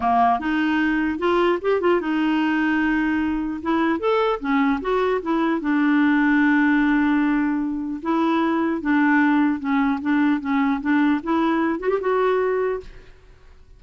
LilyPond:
\new Staff \with { instrumentName = "clarinet" } { \time 4/4 \tempo 4 = 150 ais4 dis'2 f'4 | g'8 f'8 dis'2.~ | dis'4 e'4 a'4 cis'4 | fis'4 e'4 d'2~ |
d'1 | e'2 d'2 | cis'4 d'4 cis'4 d'4 | e'4. fis'16 g'16 fis'2 | }